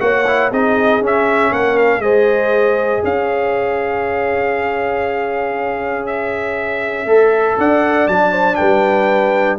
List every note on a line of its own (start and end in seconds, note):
0.00 0.51 A#3
0.00 0.25 F#4
0.00 0.51 C#5
0.00 0.51 F#5
0.27 0.52 E4
0.51 1.01 C4
0.51 1.02 D#4
0.51 1.52 G#4
0.51 1.03 D#5
1.01 1.51 C#4
1.01 2.02 C#4
1.01 1.53 E5
1.51 1.99 A#3
1.51 2.03 A#4
1.51 1.78 F#5
1.78 2.01 F5
1.99 2.99 G#3
1.99 7.07 G#4
1.99 3.04 C5
1.99 3.02 D#5
3.04 7.06 C#4
3.04 7.58 C#5
3.04 6.06 F5
6.06 7.57 E5
7.06 7.56 A3
7.06 8.08 A4
7.58 8.07 D4
7.58 8.32 D5
7.58 8.08 F#5
8.07 8.57 F#3
8.07 9.58 D4
8.07 8.55 A5
8.32 8.57 C5
8.55 9.58 G3
8.55 9.58 B4
8.55 9.56 G5